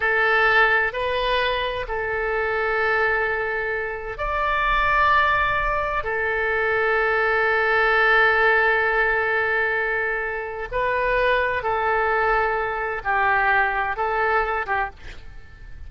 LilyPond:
\new Staff \with { instrumentName = "oboe" } { \time 4/4 \tempo 4 = 129 a'2 b'2 | a'1~ | a'4 d''2.~ | d''4 a'2.~ |
a'1~ | a'2. b'4~ | b'4 a'2. | g'2 a'4. g'8 | }